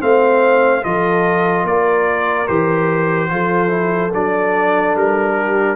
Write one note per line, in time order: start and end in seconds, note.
0.00 0.84 A3
0.00 0.82 C4
0.00 0.85 C5
0.00 0.84 F5
0.83 1.64 F3
0.83 2.47 F4
0.83 1.66 A4
0.83 1.66 D#5
1.64 2.47 A#3
1.64 3.30 A#4
1.64 2.48 D5
2.48 3.31 E3
2.48 3.30 G4
2.48 4.12 C5
3.30 4.13 F3
3.30 3.70 F4
3.30 5.37 A4
3.70 4.11 E4
4.14 4.95 F#3
4.14 5.76 D4
4.14 4.97 D5
4.95 5.76 G3
4.95 5.76 A#4
5.38 5.76 G4